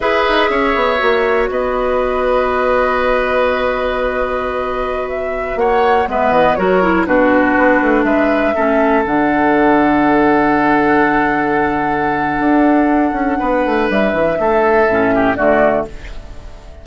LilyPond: <<
  \new Staff \with { instrumentName = "flute" } { \time 4/4 \tempo 4 = 121 e''2. dis''4~ | dis''1~ | dis''2~ dis''16 e''4 fis''8.~ | fis''16 e''8 dis''8 cis''4 b'4.~ b'16~ |
b'16 e''2 fis''4.~ fis''16~ | fis''1~ | fis''1 | e''2. d''4 | }
  \new Staff \with { instrumentName = "oboe" } { \time 4/4 b'4 cis''2 b'4~ | b'1~ | b'2.~ b'16 cis''8.~ | cis''16 b'4 ais'4 fis'4.~ fis'16~ |
fis'16 b'4 a'2~ a'8.~ | a'1~ | a'2. b'4~ | b'4 a'4. g'8 fis'4 | }
  \new Staff \with { instrumentName = "clarinet" } { \time 4/4 gis'2 fis'2~ | fis'1~ | fis'1~ | fis'16 b4 fis'8 e'8 d'4.~ d'16~ |
d'4~ d'16 cis'4 d'4.~ d'16~ | d'1~ | d'1~ | d'2 cis'4 a4 | }
  \new Staff \with { instrumentName = "bassoon" } { \time 4/4 e'8 dis'8 cis'8 b8 ais4 b4~ | b1~ | b2.~ b16 ais8.~ | ais16 gis8 e8 fis4 b,4 b8 a16~ |
a16 gis4 a4 d4.~ d16~ | d1~ | d4 d'4. cis'8 b8 a8 | g8 e8 a4 a,4 d4 | }
>>